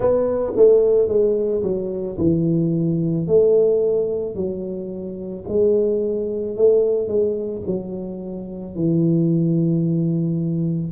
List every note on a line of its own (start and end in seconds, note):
0.00 0.52 B3
0.56 1.08 A3
1.08 1.62 G#3
1.62 2.17 F#3
2.18 3.27 E3
3.27 4.35 A3
4.35 5.44 F#3
5.47 6.56 G#3
6.56 7.08 A3
7.08 7.62 G#3
7.66 8.75 F#3
8.75 10.91 E3